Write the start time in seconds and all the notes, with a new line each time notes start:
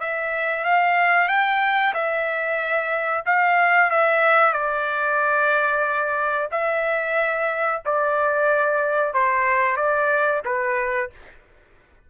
0.00 E5
0.64 F5
1.28 G5
1.94 E5
3.26 F5
3.90 E5
4.53 D5
6.52 E5
7.86 D5
9.14 C5
9.76 D5
10.45 B4